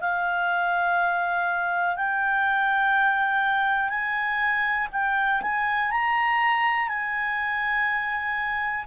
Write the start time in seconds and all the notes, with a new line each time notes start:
0.00 F5
1.96 G5
3.89 G#5
4.92 G5
5.41 G#5
5.91 A#5
6.88 G#5